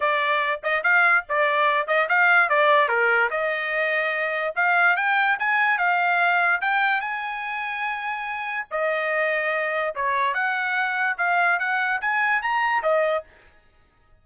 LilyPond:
\new Staff \with { instrumentName = "trumpet" } { \time 4/4 \tempo 4 = 145 d''4. dis''8 f''4 d''4~ | d''8 dis''8 f''4 d''4 ais'4 | dis''2. f''4 | g''4 gis''4 f''2 |
g''4 gis''2.~ | gis''4 dis''2. | cis''4 fis''2 f''4 | fis''4 gis''4 ais''4 dis''4 | }